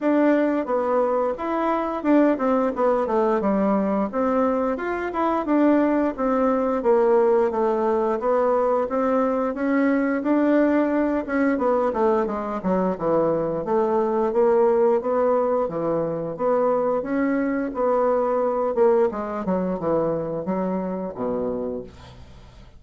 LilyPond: \new Staff \with { instrumentName = "bassoon" } { \time 4/4 \tempo 4 = 88 d'4 b4 e'4 d'8 c'8 | b8 a8 g4 c'4 f'8 e'8 | d'4 c'4 ais4 a4 | b4 c'4 cis'4 d'4~ |
d'8 cis'8 b8 a8 gis8 fis8 e4 | a4 ais4 b4 e4 | b4 cis'4 b4. ais8 | gis8 fis8 e4 fis4 b,4 | }